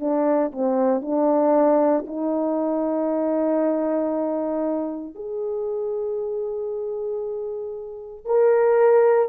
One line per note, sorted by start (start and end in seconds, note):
0.00 0.52 D4
0.52 1.02 C4
1.02 2.05 D4
2.07 5.15 D#4
5.15 8.26 G#4
8.26 9.29 A#4